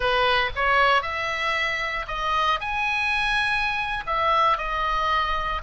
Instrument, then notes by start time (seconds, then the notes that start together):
oboe
0.00 B4
0.55 C#5
1.02 E5
2.07 D#5
2.60 G#5
4.06 E5
4.57 D#5